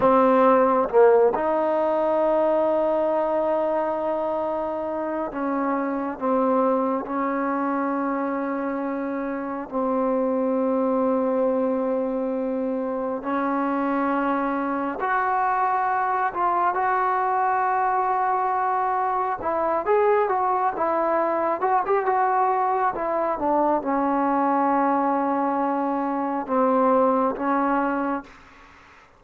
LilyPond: \new Staff \with { instrumentName = "trombone" } { \time 4/4 \tempo 4 = 68 c'4 ais8 dis'2~ dis'8~ | dis'2 cis'4 c'4 | cis'2. c'4~ | c'2. cis'4~ |
cis'4 fis'4. f'8 fis'4~ | fis'2 e'8 gis'8 fis'8 e'8~ | e'8 fis'16 g'16 fis'4 e'8 d'8 cis'4~ | cis'2 c'4 cis'4 | }